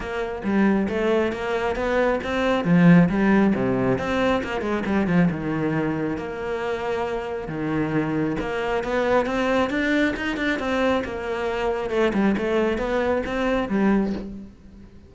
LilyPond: \new Staff \with { instrumentName = "cello" } { \time 4/4 \tempo 4 = 136 ais4 g4 a4 ais4 | b4 c'4 f4 g4 | c4 c'4 ais8 gis8 g8 f8 | dis2 ais2~ |
ais4 dis2 ais4 | b4 c'4 d'4 dis'8 d'8 | c'4 ais2 a8 g8 | a4 b4 c'4 g4 | }